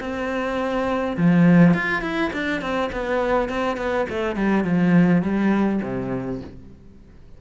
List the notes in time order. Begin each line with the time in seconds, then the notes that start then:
0.00 C4
1.17 F3
1.74 F4
2.02 E4
2.33 D4
2.61 C4
2.92 B3
3.49 C4
3.77 B3
4.09 A3
4.36 G3
4.64 F3
5.22 G3
5.83 C3